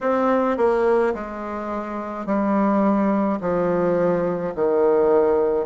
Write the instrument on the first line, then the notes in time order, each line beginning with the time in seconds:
bassoon
0.01 C4
0.57 A#3
1.14 G#3
2.26 G3
3.41 F3
4.55 D#3